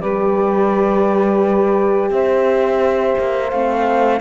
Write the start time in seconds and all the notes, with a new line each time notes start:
0.00 G3 G4 B4 D5
2.10 C4 C5 E5
3.18 A#3
3.50 A3 C4 F5